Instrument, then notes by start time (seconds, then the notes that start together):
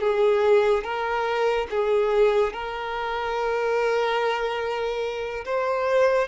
violin
0.00 G#4
0.84 A#4
1.70 G#4
2.53 A#4
5.45 C5